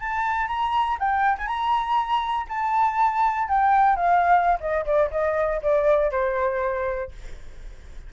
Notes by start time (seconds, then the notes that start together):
0.00 A5
0.48 A#5
1.00 G5
1.38 G#5
1.47 A#5
2.49 A5
3.49 G5
3.97 F5
4.60 D#5
4.86 D5
5.11 D#5
5.62 D5
6.12 C5